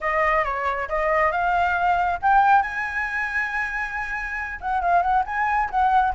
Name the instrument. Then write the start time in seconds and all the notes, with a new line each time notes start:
flute
0.00 D#5
0.44 C#5
0.89 D#5
1.31 F5
2.21 G5
2.62 G#5
4.60 F#5
4.81 F5
5.02 F#5
5.26 G#5
5.70 F#5